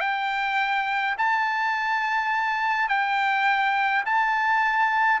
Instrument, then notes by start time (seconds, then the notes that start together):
trumpet
0.00 G5
1.17 A5
2.88 G5
4.05 A5